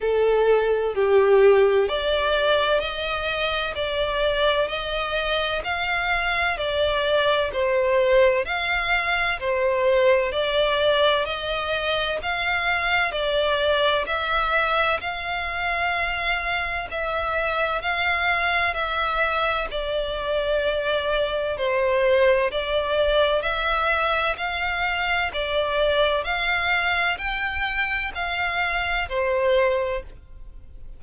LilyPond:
\new Staff \with { instrumentName = "violin" } { \time 4/4 \tempo 4 = 64 a'4 g'4 d''4 dis''4 | d''4 dis''4 f''4 d''4 | c''4 f''4 c''4 d''4 | dis''4 f''4 d''4 e''4 |
f''2 e''4 f''4 | e''4 d''2 c''4 | d''4 e''4 f''4 d''4 | f''4 g''4 f''4 c''4 | }